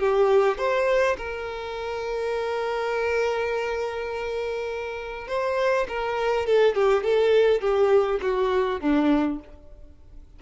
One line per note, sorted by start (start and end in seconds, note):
0.00 0.58 G4
0.58 1.17 C5
1.18 5.28 A#4
5.28 5.87 C5
5.89 6.47 A#4
6.47 6.75 A4
6.75 7.03 G4
7.03 7.61 A4
7.61 8.20 G4
8.22 8.81 F#4
8.81 9.40 D4